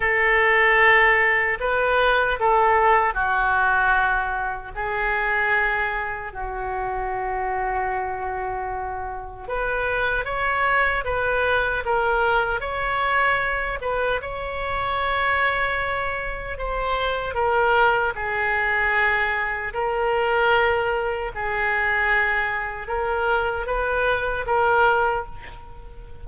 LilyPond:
\new Staff \with { instrumentName = "oboe" } { \time 4/4 \tempo 4 = 76 a'2 b'4 a'4 | fis'2 gis'2 | fis'1 | b'4 cis''4 b'4 ais'4 |
cis''4. b'8 cis''2~ | cis''4 c''4 ais'4 gis'4~ | gis'4 ais'2 gis'4~ | gis'4 ais'4 b'4 ais'4 | }